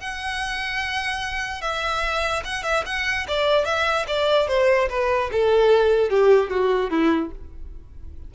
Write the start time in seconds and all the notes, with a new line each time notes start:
0.00 F#5
1.61 E5
2.45 F#5
2.63 E5
2.86 F#5
3.28 D5
3.65 E5
4.07 D5
4.48 C5
4.90 B4
5.32 A4
6.10 G4
6.50 F#4
6.90 E4